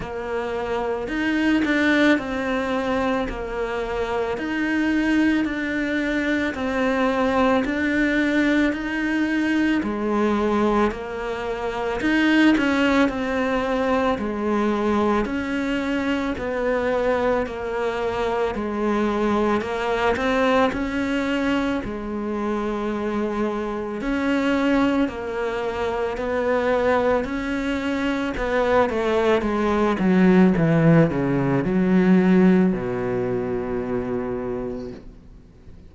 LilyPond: \new Staff \with { instrumentName = "cello" } { \time 4/4 \tempo 4 = 55 ais4 dis'8 d'8 c'4 ais4 | dis'4 d'4 c'4 d'4 | dis'4 gis4 ais4 dis'8 cis'8 | c'4 gis4 cis'4 b4 |
ais4 gis4 ais8 c'8 cis'4 | gis2 cis'4 ais4 | b4 cis'4 b8 a8 gis8 fis8 | e8 cis8 fis4 b,2 | }